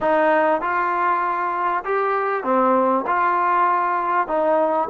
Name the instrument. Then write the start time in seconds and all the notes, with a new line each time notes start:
trombone
0.01 D#4
0.61 F4
1.84 G4
2.43 C4
3.06 F4
4.27 D#4